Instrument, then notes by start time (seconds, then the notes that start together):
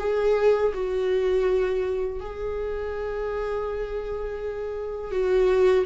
viola
0.00 G#4
0.75 F#4
2.21 G#4
5.12 F#4